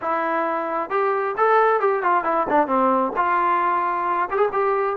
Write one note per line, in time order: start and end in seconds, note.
0.01 0.90 E4
0.90 1.35 G4
1.37 1.80 A4
1.80 2.02 G4
2.02 2.24 F4
2.24 2.46 E4
2.49 2.67 D4
2.67 3.12 C4
3.16 4.29 F4
4.30 4.37 G4
4.37 4.48 G#4
4.52 4.96 G4